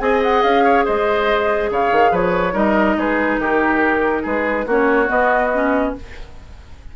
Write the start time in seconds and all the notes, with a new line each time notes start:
0.00 C4 G#4 D#5 G#5
0.23 F#5
0.43 C#4 F5
0.64 C#5
0.85 G#3 C5 D#5
1.71 C#3 C#5 F5
1.92 D#3
2.12 F3 B4 C#5
2.53 G3 D#4 A#4 D#5
2.97 G#3 G#4 B4
3.39 D#3 G4 A#4
4.23 G#3 G#4 B4
4.67 A#3 C#4 F#4 C#5
5.07 B3 D#5
5.54 C#4